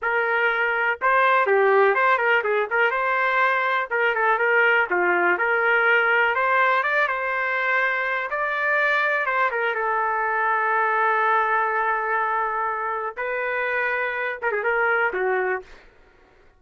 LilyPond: \new Staff \with { instrumentName = "trumpet" } { \time 4/4 \tempo 4 = 123 ais'2 c''4 g'4 | c''8 ais'8 gis'8 ais'8 c''2 | ais'8 a'8 ais'4 f'4 ais'4~ | ais'4 c''4 d''8 c''4.~ |
c''4 d''2 c''8 ais'8 | a'1~ | a'2. b'4~ | b'4. ais'16 gis'16 ais'4 fis'4 | }